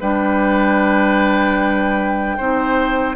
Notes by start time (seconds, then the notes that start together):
0.00 G3 D4 B4 G5
2.37 C4 D#4 C5